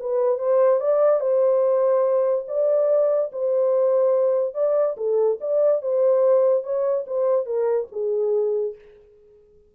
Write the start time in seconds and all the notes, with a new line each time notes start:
0.00 B4
0.39 C5
0.80 D5
1.20 C5
2.48 D5
3.32 C5
4.54 D5
4.97 A4
5.41 D5
5.82 C5
6.64 C#5
7.07 C5
7.46 A#4
7.92 G#4